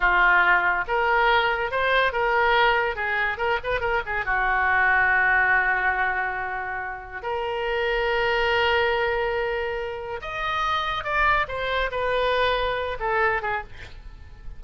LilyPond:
\new Staff \with { instrumentName = "oboe" } { \time 4/4 \tempo 4 = 141 f'2 ais'2 | c''4 ais'2 gis'4 | ais'8 b'8 ais'8 gis'8 fis'2~ | fis'1~ |
fis'4 ais'2.~ | ais'1 | dis''2 d''4 c''4 | b'2~ b'8 a'4 gis'8 | }